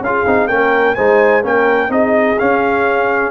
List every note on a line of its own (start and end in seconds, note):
0.00 0.24 C#4
0.00 0.26 F4
0.00 0.49 G#4
0.00 0.47 F5
0.26 0.48 C4
0.26 0.49 D#4
0.47 0.95 A#3
0.47 0.96 C#4
0.47 0.95 A#4
0.47 0.94 G5
0.94 1.44 G#3
0.94 1.42 D#4
0.94 1.43 C5
0.94 1.42 G#5
1.42 1.89 A#3
1.42 1.88 C#4
1.42 1.90 A#4
1.42 1.91 G5
1.88 2.36 C4
1.88 2.36 D#4
1.88 3.31 G#4
1.88 2.38 D#5
2.38 3.31 C#4
2.38 3.31 F5